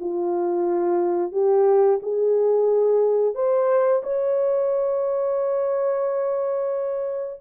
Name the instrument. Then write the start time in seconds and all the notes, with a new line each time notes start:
horn
0.00 F4
1.32 G4
2.03 G#4
3.35 C5
4.03 C#5